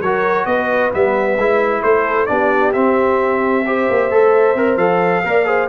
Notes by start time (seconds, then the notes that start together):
0.00 F#3 F#4 A#4 C#5
0.45 B3 B4 D#5
0.92 G3 B3 E5
1.37 G#3 E4
1.83 A3 A4 C5
2.26 B3 D4 G4 D5
2.73 C4 E5
3.65 G4 C5
3.90 A#3
4.11 A3 A4
4.55 C4 A#4
4.77 F3 A4 F5
5.24 A#3 A#4 D5
5.45 G#4 C5